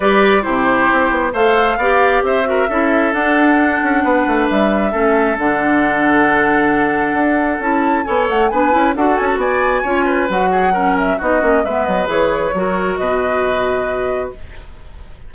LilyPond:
<<
  \new Staff \with { instrumentName = "flute" } { \time 4/4 \tempo 4 = 134 d''4 c''2 f''4~ | f''4 e''2 fis''4~ | fis''2 e''2 | fis''1~ |
fis''4 a''4 gis''8 fis''8 gis''4 | fis''8 gis''16 a''16 gis''2 fis''4~ | fis''8 e''8 dis''4 e''8 dis''8 cis''4~ | cis''4 dis''2. | }
  \new Staff \with { instrumentName = "oboe" } { \time 4/4 b'4 g'2 c''4 | d''4 c''8 ais'8 a'2~ | a'4 b'2 a'4~ | a'1~ |
a'2 cis''4 b'4 | a'4 d''4 cis''8 b'4 gis'8 | ais'4 fis'4 b'2 | ais'4 b'2. | }
  \new Staff \with { instrumentName = "clarinet" } { \time 4/4 g'4 e'2 a'4 | g'4. fis'8 e'4 d'4~ | d'2. cis'4 | d'1~ |
d'4 e'4 a'4 d'8 e'8 | fis'2 f'4 fis'4 | cis'4 dis'8 cis'8 b4 gis'4 | fis'1 | }
  \new Staff \with { instrumentName = "bassoon" } { \time 4/4 g4 c4 c'8 b8 a4 | b4 c'4 cis'4 d'4~ | d'8 cis'8 b8 a8 g4 a4 | d1 |
d'4 cis'4 b8 a8 b8 cis'8 | d'8 cis'8 b4 cis'4 fis4~ | fis4 b8 ais8 gis8 fis8 e4 | fis4 b,2. | }
>>